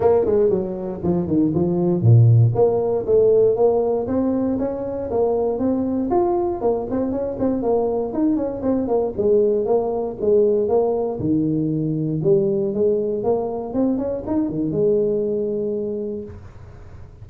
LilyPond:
\new Staff \with { instrumentName = "tuba" } { \time 4/4 \tempo 4 = 118 ais8 gis8 fis4 f8 dis8 f4 | ais,4 ais4 a4 ais4 | c'4 cis'4 ais4 c'4 | f'4 ais8 c'8 cis'8 c'8 ais4 |
dis'8 cis'8 c'8 ais8 gis4 ais4 | gis4 ais4 dis2 | g4 gis4 ais4 c'8 cis'8 | dis'8 dis8 gis2. | }